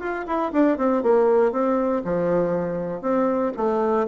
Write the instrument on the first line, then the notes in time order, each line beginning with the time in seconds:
bassoon
0.00 F4
0.27 E4
0.52 D4
0.78 C4
1.03 A#3
1.52 C4
2.04 F3
3.02 C4
3.57 A3